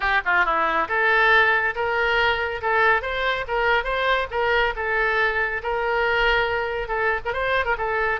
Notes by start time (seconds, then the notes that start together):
0.00 G4
0.25 F4
0.45 E4
0.88 A4
1.75 A#4
2.61 A4
3.02 C5
3.47 A#4
3.84 C5
4.30 A#4
4.75 A4
5.62 A#4
6.88 A4
7.25 A#4
7.32 C5
7.65 A#4
7.77 A4